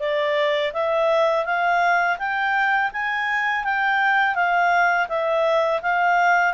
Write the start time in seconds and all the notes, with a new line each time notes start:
0.00 D5
0.73 E5
1.45 F5
2.19 G5
2.93 G#5
3.64 G5
4.35 F5
5.09 E5
5.82 F5